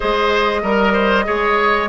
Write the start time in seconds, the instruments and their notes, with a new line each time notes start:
0.00 bassoon G#3, clarinet G#4, oboe C5, flute D#5
0.62 bassoon G3, oboe A#4, clarinet A#4
0.92 oboe C5
1.24 bassoon G#3, clarinet G#4, oboe C#5